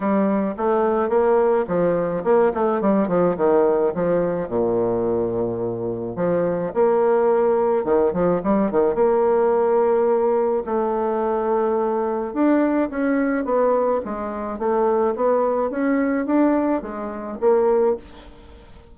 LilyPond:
\new Staff \with { instrumentName = "bassoon" } { \time 4/4 \tempo 4 = 107 g4 a4 ais4 f4 | ais8 a8 g8 f8 dis4 f4 | ais,2. f4 | ais2 dis8 f8 g8 dis8 |
ais2. a4~ | a2 d'4 cis'4 | b4 gis4 a4 b4 | cis'4 d'4 gis4 ais4 | }